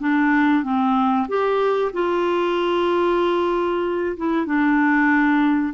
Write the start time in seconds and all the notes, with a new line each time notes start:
0.00 D4
0.64 C4
1.29 G4
1.93 F4
4.18 E4
4.46 D4